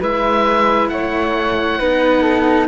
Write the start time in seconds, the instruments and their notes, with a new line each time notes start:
0.00 cello G#3 E4, flute B4, oboe E5
0.89 cello A3, flute C#5, oboe F#5
1.79 cello B3 D#4, flute B4
2.22 flute A4